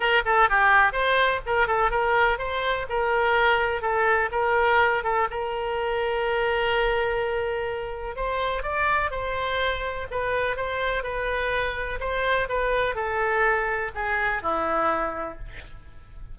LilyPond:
\new Staff \with { instrumentName = "oboe" } { \time 4/4 \tempo 4 = 125 ais'8 a'8 g'4 c''4 ais'8 a'8 | ais'4 c''4 ais'2 | a'4 ais'4. a'8 ais'4~ | ais'1~ |
ais'4 c''4 d''4 c''4~ | c''4 b'4 c''4 b'4~ | b'4 c''4 b'4 a'4~ | a'4 gis'4 e'2 | }